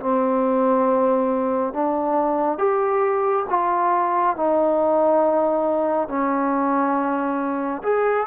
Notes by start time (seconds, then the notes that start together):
0.00 C4
1.74 D4
2.59 G4
3.50 F4
4.36 D#4
6.09 C#4
7.84 G#4